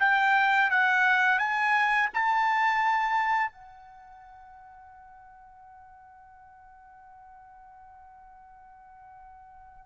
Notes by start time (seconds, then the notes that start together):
0.00 G5
0.71 F#5
1.39 G#5
2.14 A5
3.52 F#5